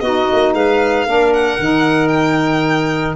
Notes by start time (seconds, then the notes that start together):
0.00 B3 D#4 F#4 D#5
0.32 A#3
0.53 G#3 B4 F5
1.06 A#3 D4 A#4
1.33 F#5
1.58 D#3 D#4
2.08 G5